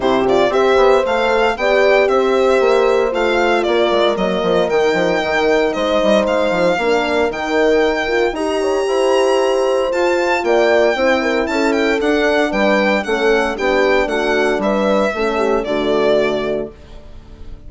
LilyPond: <<
  \new Staff \with { instrumentName = "violin" } { \time 4/4 \tempo 4 = 115 c''8 d''8 e''4 f''4 g''4 | e''2 f''4 d''4 | dis''4 g''2 dis''4 | f''2 g''2 |
ais''2. a''4 | g''2 a''8 g''8 fis''4 | g''4 fis''4 g''4 fis''4 | e''2 d''2 | }
  \new Staff \with { instrumentName = "horn" } { \time 4/4 g'4 c''2 d''4 | c''2. ais'4~ | ais'2. c''4~ | c''4 ais'2. |
dis''8 cis''8 c''2. | d''4 c''8 ais'8 a'2 | b'4 a'4 g'4 fis'4 | b'4 a'8 g'8 fis'2 | }
  \new Staff \with { instrumentName = "horn" } { \time 4/4 e'8 f'8 g'4 a'4 g'4~ | g'2 f'2 | ais4 dis'2.~ | dis'4 d'4 dis'4. f'8 |
g'2. f'4~ | f'4 e'2 d'4~ | d'4 cis'4 d'2~ | d'4 cis'4 a2 | }
  \new Staff \with { instrumentName = "bassoon" } { \time 4/4 c4 c'8 b8 a4 b4 | c'4 ais4 a4 ais8 gis8 | fis8 f8 dis8 f8 dis4 gis8 g8 | gis8 f8 ais4 dis2 |
dis'4 e'2 f'4 | ais4 c'4 cis'4 d'4 | g4 a4 b4 a4 | g4 a4 d2 | }
>>